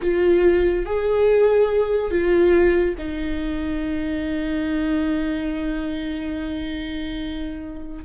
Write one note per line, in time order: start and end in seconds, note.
0.01 0.85 F4
0.85 2.10 G#4
2.10 2.95 F4
2.98 8.04 D#4